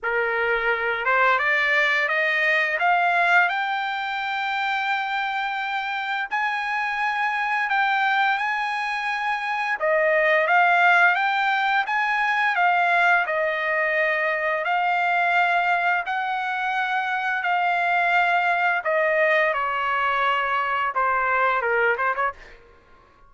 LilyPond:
\new Staff \with { instrumentName = "trumpet" } { \time 4/4 \tempo 4 = 86 ais'4. c''8 d''4 dis''4 | f''4 g''2.~ | g''4 gis''2 g''4 | gis''2 dis''4 f''4 |
g''4 gis''4 f''4 dis''4~ | dis''4 f''2 fis''4~ | fis''4 f''2 dis''4 | cis''2 c''4 ais'8 c''16 cis''16 | }